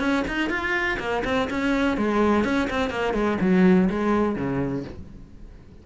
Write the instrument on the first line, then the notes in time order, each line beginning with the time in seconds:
cello
0.00 C#4
0.28 D#4
0.50 F4
1.00 A#3
1.25 C4
1.50 C#4
1.98 G#3
2.45 C#4
2.71 C4
2.90 A#3
3.14 G#3
3.41 F#3
3.90 G#3
4.36 C#3